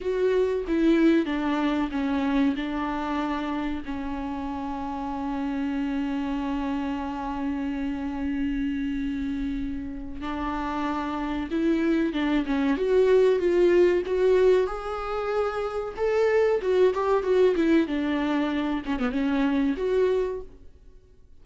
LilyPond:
\new Staff \with { instrumentName = "viola" } { \time 4/4 \tempo 4 = 94 fis'4 e'4 d'4 cis'4 | d'2 cis'2~ | cis'1~ | cis'1 |
d'2 e'4 d'8 cis'8 | fis'4 f'4 fis'4 gis'4~ | gis'4 a'4 fis'8 g'8 fis'8 e'8 | d'4. cis'16 b16 cis'4 fis'4 | }